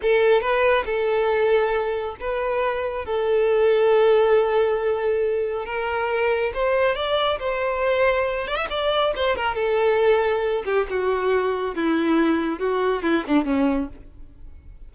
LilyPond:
\new Staff \with { instrumentName = "violin" } { \time 4/4 \tempo 4 = 138 a'4 b'4 a'2~ | a'4 b'2 a'4~ | a'1~ | a'4 ais'2 c''4 |
d''4 c''2~ c''8 d''16 e''16 | d''4 c''8 ais'8 a'2~ | a'8 g'8 fis'2 e'4~ | e'4 fis'4 e'8 d'8 cis'4 | }